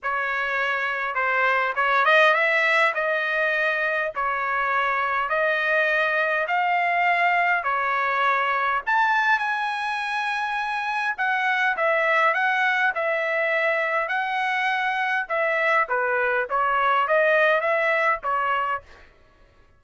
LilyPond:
\new Staff \with { instrumentName = "trumpet" } { \time 4/4 \tempo 4 = 102 cis''2 c''4 cis''8 dis''8 | e''4 dis''2 cis''4~ | cis''4 dis''2 f''4~ | f''4 cis''2 a''4 |
gis''2. fis''4 | e''4 fis''4 e''2 | fis''2 e''4 b'4 | cis''4 dis''4 e''4 cis''4 | }